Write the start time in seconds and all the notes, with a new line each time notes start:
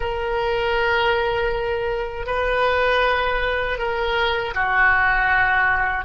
0.00 A#4
2.26 B4
3.78 A#4
4.54 F#4